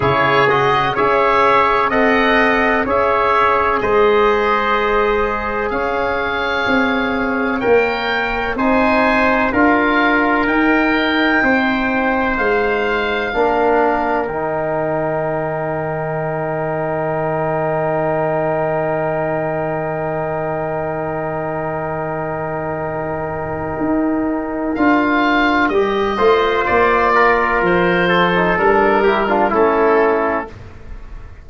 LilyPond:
<<
  \new Staff \with { instrumentName = "oboe" } { \time 4/4 \tempo 4 = 63 cis''8 dis''8 e''4 fis''4 e''4 | dis''2 f''2 | g''4 gis''4 f''4 g''4~ | g''4 f''2 g''4~ |
g''1~ | g''1~ | g''2 f''4 dis''4 | d''4 c''4 ais'4 a'4 | }
  \new Staff \with { instrumentName = "trumpet" } { \time 4/4 gis'4 cis''4 dis''4 cis''4 | c''2 cis''2~ | cis''4 c''4 ais'2 | c''2 ais'2~ |
ais'1~ | ais'1~ | ais'2.~ ais'8 c''8~ | c''8 ais'4 a'4 g'16 f'16 e'4 | }
  \new Staff \with { instrumentName = "trombone" } { \time 4/4 e'8 fis'8 gis'4 a'4 gis'4~ | gis'1 | ais'4 dis'4 f'4 dis'4~ | dis'2 d'4 dis'4~ |
dis'1~ | dis'1~ | dis'2 f'4 g'8 f'8~ | f'4.~ f'16 dis'16 d'8 e'16 d'16 cis'4 | }
  \new Staff \with { instrumentName = "tuba" } { \time 4/4 cis4 cis'4 c'4 cis'4 | gis2 cis'4 c'4 | ais4 c'4 d'4 dis'4 | c'4 gis4 ais4 dis4~ |
dis1~ | dis1~ | dis4 dis'4 d'4 g8 a8 | ais4 f4 g4 a4 | }
>>